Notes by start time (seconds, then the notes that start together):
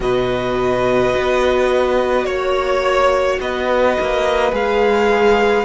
0.00 B2 F#4 B4 D#5
1.16 B3
2.25 A#3 C#5
3.40 B3 B4 D#5
4.00 A#3
4.51 G#3 G#4 F5